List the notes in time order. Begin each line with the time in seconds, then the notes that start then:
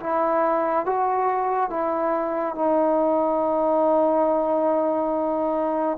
0.00 E4
0.86 F#4
1.70 E4
2.55 D#4